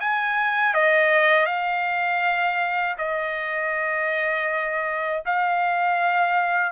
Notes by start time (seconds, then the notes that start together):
0.00 G#5
0.74 D#5
1.46 F5
2.98 D#5
5.25 F5